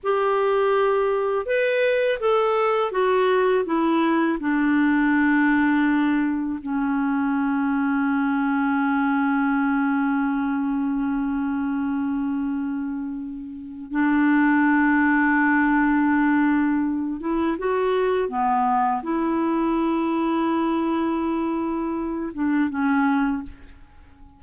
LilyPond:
\new Staff \with { instrumentName = "clarinet" } { \time 4/4 \tempo 4 = 82 g'2 b'4 a'4 | fis'4 e'4 d'2~ | d'4 cis'2.~ | cis'1~ |
cis'2. d'4~ | d'2.~ d'8 e'8 | fis'4 b4 e'2~ | e'2~ e'8 d'8 cis'4 | }